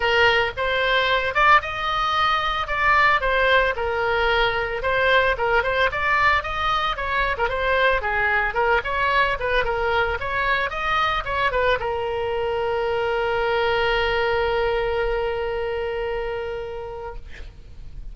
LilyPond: \new Staff \with { instrumentName = "oboe" } { \time 4/4 \tempo 4 = 112 ais'4 c''4. d''8 dis''4~ | dis''4 d''4 c''4 ais'4~ | ais'4 c''4 ais'8 c''8 d''4 | dis''4 cis''8. ais'16 c''4 gis'4 |
ais'8 cis''4 b'8 ais'4 cis''4 | dis''4 cis''8 b'8 ais'2~ | ais'1~ | ais'1 | }